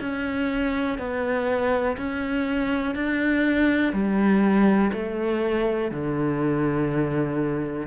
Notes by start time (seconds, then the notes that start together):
0.00 C#4
0.98 B3
1.97 C#4
2.95 D4
3.93 G3
4.93 A3
5.91 D3